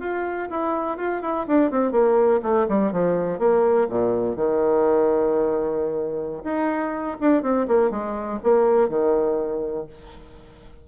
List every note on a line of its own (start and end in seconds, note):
0.00 0.49 F4
0.50 0.98 E4
0.98 1.22 F4
1.22 1.46 E4
1.47 1.71 D4
1.71 1.92 C4
1.92 2.41 A#3
2.43 2.67 A3
2.69 2.92 G3
2.92 3.39 F3
3.39 3.88 A#3
3.90 4.36 A#2
4.36 6.44 D#3
6.45 7.18 D#4
7.21 7.43 D4
7.43 7.67 C4
7.68 7.91 A#3
7.91 8.40 G#3
8.44 8.89 A#3
8.89 9.87 D#3